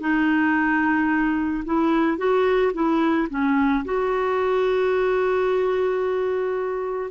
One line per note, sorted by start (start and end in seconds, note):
0.00 1.64 D#4
1.65 2.17 E4
2.17 2.72 F#4
2.73 3.28 E4
3.30 3.84 C#4
3.85 7.10 F#4